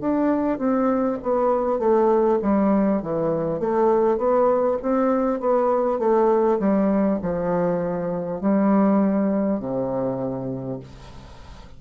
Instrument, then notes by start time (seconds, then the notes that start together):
bassoon
0.00 D4
0.58 C4
1.22 B3
1.78 A3
2.42 G3
3.02 E3
3.59 A3
4.17 B3
4.82 C4
5.39 B3
5.98 A3
6.59 G3
7.22 F3
8.40 G3
9.59 C3